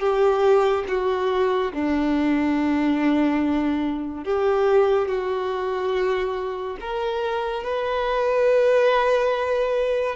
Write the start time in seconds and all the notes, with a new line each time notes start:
0.00 G4
0.88 F#4
1.74 D4
4.25 G4
5.09 F#4
6.81 A#4
7.64 B4